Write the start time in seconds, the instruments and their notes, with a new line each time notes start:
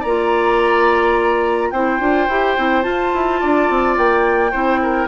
0.00 bassoon A#3, oboe D5, flute A#5
0.06 clarinet F4
1.71 bassoon C4, clarinet E4, oboe C5, flute G5
2.00 bassoon D4, clarinet F4
2.28 bassoon E4, clarinet G4
2.57 bassoon C4, clarinet E4
2.82 clarinet F4, bassoon F4, flute A5
3.13 bassoon E4
3.40 bassoon D4, oboe D5
3.70 bassoon C4
3.97 bassoon A#3, flute G5
4.51 bassoon C4, clarinet E4, oboe C5
4.82 oboe A#4